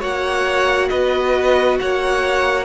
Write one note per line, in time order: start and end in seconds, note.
0.00 0.91 A#3
0.00 2.65 F#4
0.00 0.88 C#5
0.00 0.89 F#5
0.89 1.80 B3
0.89 1.79 B4
0.89 1.78 D#5
1.79 2.65 A#3
1.79 2.65 C#5
1.79 2.65 F#5